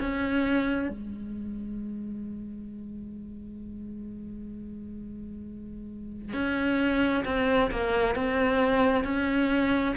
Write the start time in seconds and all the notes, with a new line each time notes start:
0.00 C#4
0.88 G#3
6.33 C#4
7.25 C4
7.71 A#3
8.15 C4
9.04 C#4